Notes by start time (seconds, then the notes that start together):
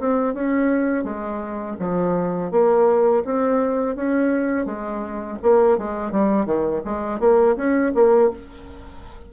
0.00 C4
0.35 C#4
1.04 G#3
1.79 F3
2.52 A#3
3.25 C4
3.96 C#4
4.66 G#3
5.43 A#3
5.78 G#3
6.12 G3
6.46 D#3
6.85 G#3
7.20 A#3
7.57 C#4
7.95 A#3